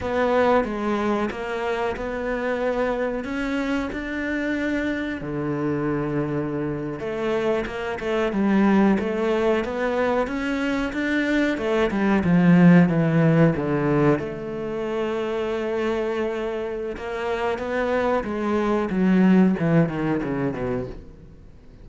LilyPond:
\new Staff \with { instrumentName = "cello" } { \time 4/4 \tempo 4 = 92 b4 gis4 ais4 b4~ | b4 cis'4 d'2 | d2~ d8. a4 ais16~ | ais16 a8 g4 a4 b4 cis'16~ |
cis'8. d'4 a8 g8 f4 e16~ | e8. d4 a2~ a16~ | a2 ais4 b4 | gis4 fis4 e8 dis8 cis8 b,8 | }